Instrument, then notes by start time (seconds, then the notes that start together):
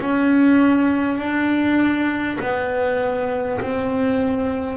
double bass
0.00 C#4
1.18 D4
2.40 B3
3.61 C4